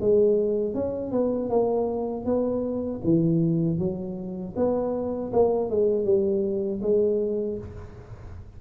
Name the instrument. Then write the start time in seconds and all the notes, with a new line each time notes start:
tuba
0.00 G#3
0.74 C#4
1.11 B3
1.49 A#3
2.25 B3
3.04 E3
3.78 F#3
4.56 B3
5.33 A#3
5.70 G#3
6.04 G3
6.82 G#3